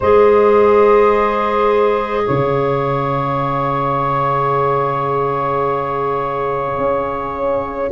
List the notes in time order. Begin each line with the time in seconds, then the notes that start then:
0.00 G#3 G#4 C5 D#5
2.25 C#3 C#5 F5
6.77 C#4